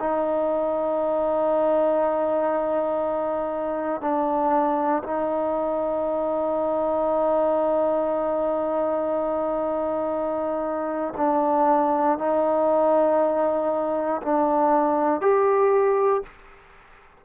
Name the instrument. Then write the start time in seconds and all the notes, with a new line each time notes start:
trombone
0.00 D#4
4.01 D4
5.04 D#4
11.17 D4
12.18 D#4
14.23 D4
15.21 G4